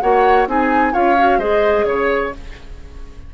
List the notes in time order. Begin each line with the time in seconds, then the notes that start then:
0.00 A#3 F#4 C#5 F#5
0.47 C4 D#4 G#4 G#5
0.92 C#4 F4 C#5 F5
1.18 F#4
1.38 G#3 G#4 C5 D#5
1.85 C#3 C#5